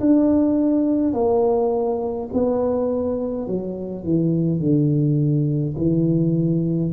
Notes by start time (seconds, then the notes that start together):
0.00 D4
1.13 A#3
2.33 B3
3.47 F#3
4.04 E3
4.60 D3
5.77 E3